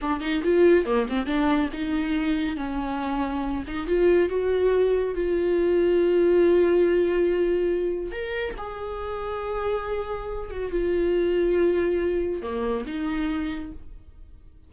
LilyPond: \new Staff \with { instrumentName = "viola" } { \time 4/4 \tempo 4 = 140 d'8 dis'8 f'4 ais8 c'8 d'4 | dis'2 cis'2~ | cis'8 dis'8 f'4 fis'2 | f'1~ |
f'2. ais'4 | gis'1~ | gis'8 fis'8 f'2.~ | f'4 ais4 dis'2 | }